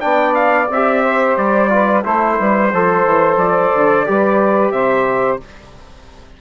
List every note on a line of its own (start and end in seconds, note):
0.00 0.69 B3
0.00 0.67 D4
0.00 1.03 D5
0.00 0.34 G5
0.34 0.68 F5
0.69 1.37 C4
0.69 1.69 G4
0.69 1.37 E5
1.04 1.71 C5
1.37 2.04 G3
1.37 2.04 D5
1.69 2.03 F4
1.69 2.04 B4
2.03 2.39 A3
2.03 2.71 E4
2.03 2.38 A4
2.03 3.38 C5
2.39 2.73 G3
2.39 2.73 B4
2.73 3.05 F3
2.73 4.05 A4
2.73 4.07 C5
3.05 3.36 E3
3.36 3.70 F3
3.36 4.71 D5
3.74 4.08 D3
4.05 4.72 G3
4.05 5.40 G4
4.05 4.73 B4
4.71 5.39 C3
4.71 5.40 C5
4.71 5.39 E5